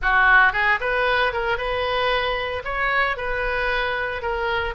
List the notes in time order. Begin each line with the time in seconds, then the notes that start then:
0.02 F#4
0.53 G#4
0.80 B4
1.33 A#4
1.57 B4
2.64 C#5
3.17 B4
4.22 A#4